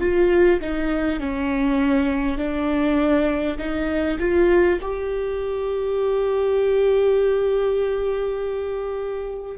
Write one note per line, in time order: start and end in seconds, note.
0.00 0.60 F4
0.61 1.19 D#4
1.19 2.37 C#4
2.37 3.57 D4
3.57 4.17 D#4
4.19 4.79 F4
4.81 9.57 G4